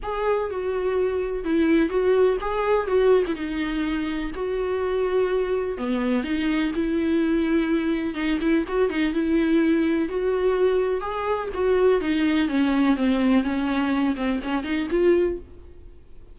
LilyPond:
\new Staff \with { instrumentName = "viola" } { \time 4/4 \tempo 4 = 125 gis'4 fis'2 e'4 | fis'4 gis'4 fis'8. e'16 dis'4~ | dis'4 fis'2. | b4 dis'4 e'2~ |
e'4 dis'8 e'8 fis'8 dis'8 e'4~ | e'4 fis'2 gis'4 | fis'4 dis'4 cis'4 c'4 | cis'4. c'8 cis'8 dis'8 f'4 | }